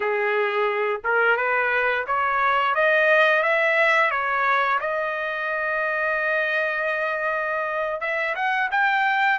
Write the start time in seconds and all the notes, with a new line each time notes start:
0.00 G#4
1.04 A#4
1.36 B4
2.06 C#5
2.75 D#5
3.42 E5
4.11 C#5
4.80 D#5
8.01 E5
8.35 F#5
8.71 G5